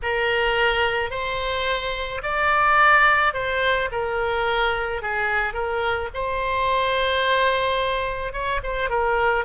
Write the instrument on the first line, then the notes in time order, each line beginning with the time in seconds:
oboe
0.02 A#4
1.10 C5
2.22 D5
3.33 C5
3.91 A#4
5.02 G#4
5.53 A#4
6.14 C5
8.32 C#5
8.63 C5
8.89 A#4